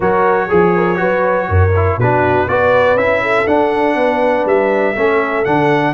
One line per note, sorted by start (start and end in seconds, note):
0.00 0.49 F#3
0.00 0.49 F#4
0.00 0.47 A#4
0.00 2.00 C#5
0.47 1.00 F3
0.47 0.72 G#4
0.47 0.96 G#4
0.76 0.99 A#4
0.96 1.48 F#3
0.96 1.70 F#4
0.96 1.48 B4
1.48 1.97 F#2
1.48 1.99 A#4
1.76 2.00 E4
1.97 2.47 B2
1.97 2.48 D4
1.97 2.49 F#4
1.97 2.48 B4
2.47 2.95 B3
2.47 2.97 F#4
2.47 3.22 B4
2.47 2.97 D5
2.95 3.44 C#4
2.95 3.46 E4
2.95 3.47 E5
3.22 3.96 A4
3.46 4.95 D4
3.46 3.95 D4
3.46 4.46 F#5
3.95 4.44 B3
3.95 4.96 B4
4.45 4.94 G3
4.45 5.44 E5
4.95 5.45 A3
4.95 5.45 C#4
4.95 5.94 A4
5.44 5.94 D3
5.44 5.94 D4
5.44 5.94 F#5